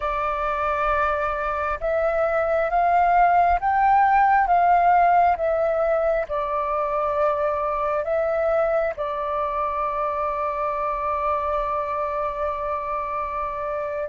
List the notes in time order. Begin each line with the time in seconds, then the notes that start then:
0.00 D5
1.80 E5
2.69 F5
3.60 G5
4.47 F5
5.36 E5
6.28 D5
8.04 E5
8.96 D5